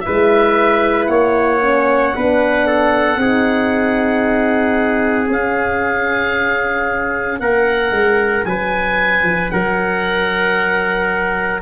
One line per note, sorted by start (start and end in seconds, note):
0.00 1.09 B4
0.00 1.05 E5
0.06 1.08 G#3
0.06 1.61 E4
1.07 2.13 A#3
1.07 2.15 C#5
1.07 5.28 F#5
1.61 2.14 C#4
2.14 3.17 B3
2.14 3.19 D4
2.14 2.67 B4
2.67 3.20 A4
3.17 5.27 C4
3.17 5.29 D#4
3.17 7.41 G#4
5.29 7.39 C#4
5.29 11.61 C#4
5.29 7.40 F5
7.40 7.91 A#3
7.40 8.46 A#4
7.40 8.45 F#5
7.91 8.43 G#3
8.45 9.23 F#3
8.45 9.52 B4
8.45 9.50 G#5
9.23 9.49 F3
9.50 11.61 F#3
9.50 11.61 A#4
9.50 11.61 F#5